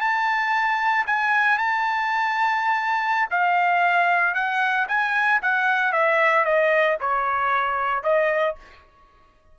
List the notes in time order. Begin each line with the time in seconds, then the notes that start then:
0.00 A5
1.06 G#5
1.57 A5
3.30 F5
4.34 F#5
4.88 G#5
5.42 F#5
5.92 E5
6.44 D#5
7.00 C#5
8.03 D#5